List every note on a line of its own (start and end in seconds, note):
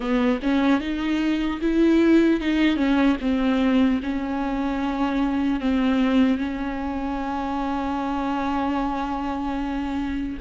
0.00 0.39 B3
0.42 0.80 C#4
0.80 1.60 D#4
1.61 2.40 E4
2.40 2.76 D#4
2.76 3.16 C#4
3.20 4.00 C4
4.02 5.60 C#4
5.60 6.37 C4
6.37 10.37 C#4